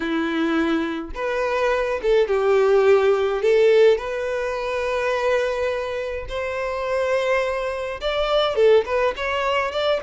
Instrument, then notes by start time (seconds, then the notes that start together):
violin
0.00 E4
1.14 B4
2.02 A4
2.27 G4
3.42 A4
3.97 B4
6.29 C5
8.00 D5
8.55 A4
8.85 B4
9.16 C#5
9.71 D5